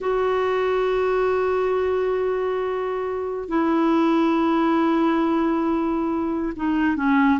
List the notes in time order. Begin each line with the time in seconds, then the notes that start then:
0.00 F#4
3.48 E4
6.55 D#4
6.96 C#4